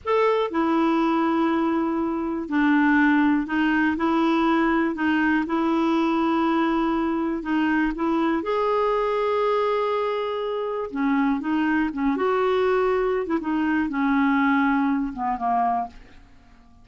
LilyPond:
\new Staff \with { instrumentName = "clarinet" } { \time 4/4 \tempo 4 = 121 a'4 e'2.~ | e'4 d'2 dis'4 | e'2 dis'4 e'4~ | e'2. dis'4 |
e'4 gis'2.~ | gis'2 cis'4 dis'4 | cis'8 fis'2~ fis'16 e'16 dis'4 | cis'2~ cis'8 b8 ais4 | }